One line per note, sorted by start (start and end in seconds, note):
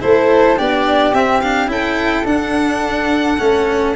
0.00 0.58 A3
0.00 0.57 E4
0.00 0.58 A4
0.00 0.58 C5
0.57 1.13 B3
0.57 1.14 D4
0.57 1.71 G4
0.57 1.14 D5
1.13 1.68 C4
1.13 1.42 C4
1.13 1.40 E5
1.40 1.67 D4
1.40 1.69 F5
1.67 2.24 C#4
1.67 2.24 E4
1.67 3.95 A4
1.67 2.26 G5
2.25 3.38 D4
2.25 3.39 D4
2.25 3.95 F#5
3.38 3.95 A3
3.38 3.95 C#4